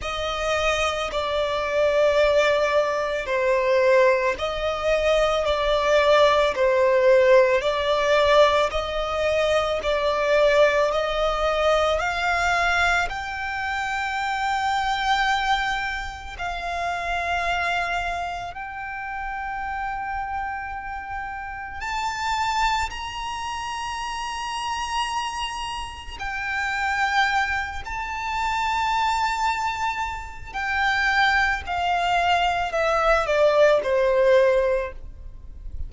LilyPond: \new Staff \with { instrumentName = "violin" } { \time 4/4 \tempo 4 = 55 dis''4 d''2 c''4 | dis''4 d''4 c''4 d''4 | dis''4 d''4 dis''4 f''4 | g''2. f''4~ |
f''4 g''2. | a''4 ais''2. | g''4. a''2~ a''8 | g''4 f''4 e''8 d''8 c''4 | }